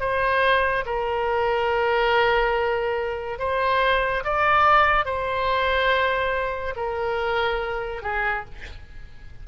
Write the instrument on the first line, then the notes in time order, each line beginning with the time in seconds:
oboe
0.00 C5
0.86 A#4
3.39 C5
4.24 D5
5.06 C5
6.76 A#4
8.02 G#4